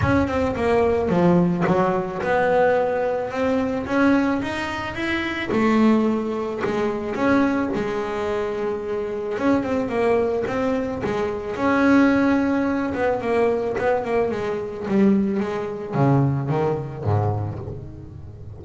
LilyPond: \new Staff \with { instrumentName = "double bass" } { \time 4/4 \tempo 4 = 109 cis'8 c'8 ais4 f4 fis4 | b2 c'4 cis'4 | dis'4 e'4 a2 | gis4 cis'4 gis2~ |
gis4 cis'8 c'8 ais4 c'4 | gis4 cis'2~ cis'8 b8 | ais4 b8 ais8 gis4 g4 | gis4 cis4 dis4 gis,4 | }